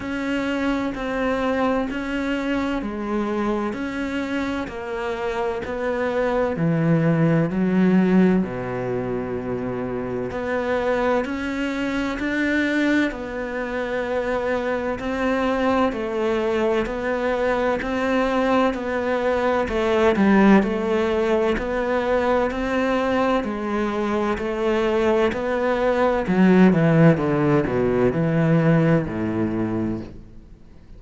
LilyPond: \new Staff \with { instrumentName = "cello" } { \time 4/4 \tempo 4 = 64 cis'4 c'4 cis'4 gis4 | cis'4 ais4 b4 e4 | fis4 b,2 b4 | cis'4 d'4 b2 |
c'4 a4 b4 c'4 | b4 a8 g8 a4 b4 | c'4 gis4 a4 b4 | fis8 e8 d8 b,8 e4 a,4 | }